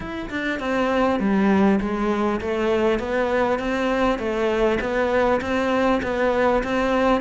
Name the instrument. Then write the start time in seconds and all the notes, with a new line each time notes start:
cello
0.00 E4
0.29 D4
0.59 C4
1.19 G3
1.80 G#3
2.40 A3
2.99 B3
3.59 C4
4.18 A3
4.80 B3
5.41 C4
6.02 B3
6.63 C4